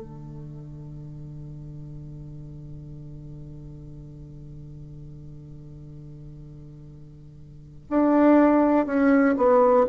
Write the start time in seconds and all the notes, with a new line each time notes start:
0.00 D3
7.90 D4
8.86 C#4
9.37 B3